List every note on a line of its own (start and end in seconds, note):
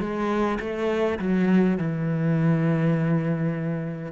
0.00 0.59 G#3
0.60 1.18 A3
1.19 1.78 F#3
1.78 4.12 E3